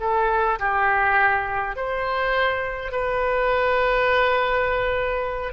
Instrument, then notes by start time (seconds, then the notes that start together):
oboe
0.00 A4
0.59 G4
1.76 C5
2.91 B4